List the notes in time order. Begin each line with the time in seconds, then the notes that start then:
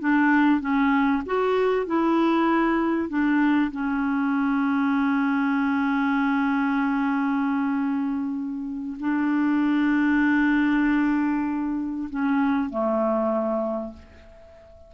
0.00 D4
0.60 C#4
1.25 F#4
1.86 E4
3.09 D4
3.71 C#4
8.99 D4
12.10 C#4
12.69 A3